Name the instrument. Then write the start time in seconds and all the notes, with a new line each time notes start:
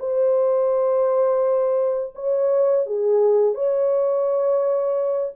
horn
0.00 C5
2.16 C#5
2.87 G#4
3.55 C#5